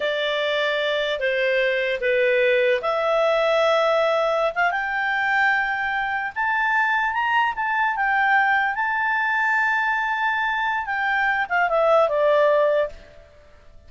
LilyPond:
\new Staff \with { instrumentName = "clarinet" } { \time 4/4 \tempo 4 = 149 d''2. c''4~ | c''4 b'2 e''4~ | e''2.~ e''16 f''8 g''16~ | g''2.~ g''8. a''16~ |
a''4.~ a''16 ais''4 a''4 g''16~ | g''4.~ g''16 a''2~ a''16~ | a''2. g''4~ | g''8 f''8 e''4 d''2 | }